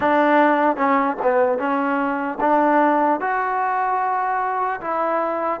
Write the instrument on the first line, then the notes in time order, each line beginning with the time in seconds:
trombone
0.00 D4
0.76 C#4
1.22 B3
1.58 C#4
2.40 D4
3.20 F#4
4.80 E4